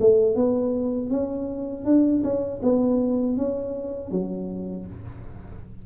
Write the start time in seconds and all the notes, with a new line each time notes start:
0.00 A3
0.35 B3
1.10 C#4
1.85 D4
2.24 C#4
2.62 B3
3.37 C#4
4.11 F#3